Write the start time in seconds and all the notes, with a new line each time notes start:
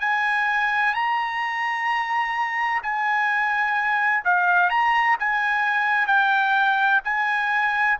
0.00 G#5
0.94 A#5
2.83 G#5
4.24 F5
4.70 A#5
5.19 G#5
6.07 G5
7.04 G#5